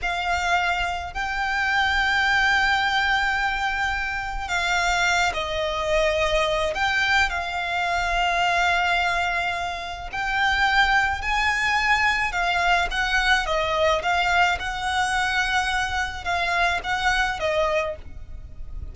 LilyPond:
\new Staff \with { instrumentName = "violin" } { \time 4/4 \tempo 4 = 107 f''2 g''2~ | g''1 | f''4. dis''2~ dis''8 | g''4 f''2.~ |
f''2 g''2 | gis''2 f''4 fis''4 | dis''4 f''4 fis''2~ | fis''4 f''4 fis''4 dis''4 | }